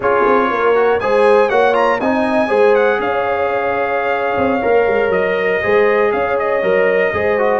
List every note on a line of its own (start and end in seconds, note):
0.00 0.24 C#4
0.00 0.75 F4
0.00 0.49 G#4
0.00 1.00 C#5
0.25 0.50 C4
0.50 1.00 A#3
0.50 1.01 A#4
0.75 1.00 F#4
1.00 1.50 G#3
1.00 1.49 G#4
1.00 1.49 C5
1.00 1.49 G#5
1.49 2.00 A#3
1.49 1.73 F#4
1.49 1.99 C#5
1.49 1.74 F#5
1.73 1.98 F4
1.73 1.99 A#5
2.00 2.49 C4
2.00 2.47 D#4
2.00 2.48 D#5
2.00 2.75 G#5
2.47 2.99 G#3
2.47 4.60 G#4
2.47 2.98 C5
2.75 3.00 F#5
2.99 4.36 C#4
2.99 5.62 C#5
2.99 5.11 F5
4.37 4.62 C4
4.61 4.87 A#3
4.61 5.61 A#4
4.87 5.09 G#3
5.09 5.59 F#3
5.09 6.11 D#5
5.62 6.13 G#3
5.62 6.62 G#4
5.62 6.12 C5
6.12 6.62 C#4
6.12 7.13 C#5
6.12 6.37 F5
6.38 7.60 D#5
6.62 7.12 F#3
6.62 7.12 A#4
7.13 7.60 G#3
7.13 7.38 G#4
7.13 7.60 C5
7.38 7.60 F#4